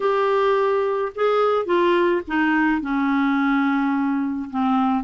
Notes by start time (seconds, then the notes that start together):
0.00 G4
1.15 G#4
1.65 F4
2.27 D#4
2.81 C#4
4.50 C4